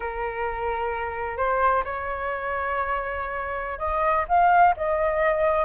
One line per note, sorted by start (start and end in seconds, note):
0.00 1.37 A#4
1.37 1.83 C5
1.84 3.78 C#5
3.78 4.25 D#5
4.28 4.74 F5
4.76 5.65 D#5